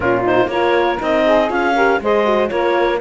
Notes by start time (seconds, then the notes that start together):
0.00 A#2 C#4 F4 A#4
0.24 D#4 C5
0.47 A#3 F4 A#4 C#5
0.98 C4 D#4 D#5
1.25 G#4
1.48 C#4 F4 F5
1.74 G4 A#4
2.00 G#3 G#4 C5 D#5
2.25 F#4
2.49 A#3 F4 A#4 C#5